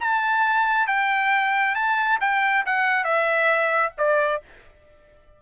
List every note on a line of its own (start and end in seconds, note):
0.00 0.87 A5
0.87 1.75 G5
1.75 2.19 A5
2.21 2.65 G5
2.66 3.04 F#5
3.04 3.93 E5
3.98 4.42 D5